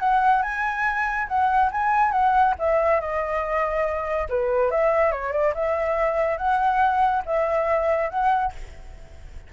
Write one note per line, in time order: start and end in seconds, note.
0.00 0.43 F#5
0.43 1.28 G#5
1.28 1.71 F#5
1.72 2.12 G#5
2.12 2.54 F#5
2.59 3.01 E5
3.01 4.28 D#5
4.29 4.71 B4
4.71 5.12 E5
5.12 5.32 C#5
5.32 5.54 D5
5.55 6.38 E5
6.38 7.23 F#5
7.26 8.10 E5
8.10 8.53 F#5